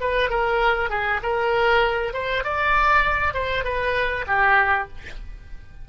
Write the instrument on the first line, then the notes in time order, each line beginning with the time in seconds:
oboe
0.00 B4
0.29 A#4
0.90 G#4
1.22 A#4
2.13 C5
2.44 D5
3.34 C5
3.64 B4
4.27 G4